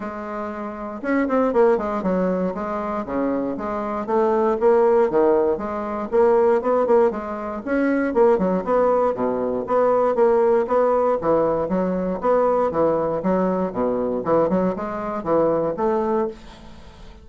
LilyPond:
\new Staff \with { instrumentName = "bassoon" } { \time 4/4 \tempo 4 = 118 gis2 cis'8 c'8 ais8 gis8 | fis4 gis4 cis4 gis4 | a4 ais4 dis4 gis4 | ais4 b8 ais8 gis4 cis'4 |
ais8 fis8 b4 b,4 b4 | ais4 b4 e4 fis4 | b4 e4 fis4 b,4 | e8 fis8 gis4 e4 a4 | }